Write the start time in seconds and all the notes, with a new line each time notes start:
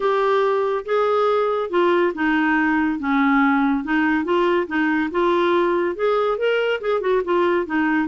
0.00 G4
0.85 G#4
1.70 F4
2.14 D#4
2.99 C#4
3.84 D#4
4.24 F4
4.67 D#4
5.11 F4
5.95 G#4
6.37 A#4
6.80 G#4
7.00 F#4
7.24 F4
7.66 D#4